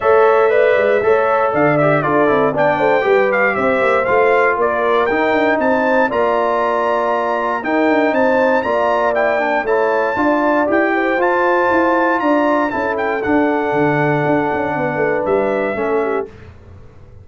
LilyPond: <<
  \new Staff \with { instrumentName = "trumpet" } { \time 4/4 \tempo 4 = 118 e''2. f''8 e''8 | d''4 g''4. f''8 e''4 | f''4 d''4 g''4 a''4 | ais''2. g''4 |
a''4 ais''4 g''4 a''4~ | a''4 g''4 a''2 | ais''4 a''8 g''8 fis''2~ | fis''2 e''2 | }
  \new Staff \with { instrumentName = "horn" } { \time 4/4 cis''4 d''4 cis''4 d''4 | a'4 d''8 c''8 b'4 c''4~ | c''4 ais'2 c''4 | d''2. ais'4 |
c''4 d''2 cis''4 | d''4. c''2~ c''8 | d''4 a'2.~ | a'4 b'2 a'8 g'8 | }
  \new Staff \with { instrumentName = "trombone" } { \time 4/4 a'4 b'4 a'4. g'8 | f'8 e'8 d'4 g'2 | f'2 dis'2 | f'2. dis'4~ |
dis'4 f'4 e'8 d'8 e'4 | f'4 g'4 f'2~ | f'4 e'4 d'2~ | d'2. cis'4 | }
  \new Staff \with { instrumentName = "tuba" } { \time 4/4 a4. gis8 a4 d4 | d'8 c'8 b8 a8 g4 c'8 ais8 | a4 ais4 dis'8 d'8 c'4 | ais2. dis'8 d'8 |
c'4 ais2 a4 | d'4 e'4 f'4 e'4 | d'4 cis'4 d'4 d4 | d'8 cis'8 b8 a8 g4 a4 | }
>>